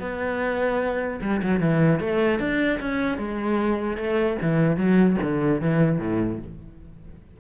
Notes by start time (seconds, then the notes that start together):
0.00 B3
1.21 G3
1.43 F#3
1.60 E3
2.00 A3
2.40 D4
2.80 C#4
3.18 G#3
3.97 A3
4.42 E3
4.77 F#3
5.22 D3
5.61 E3
5.99 A2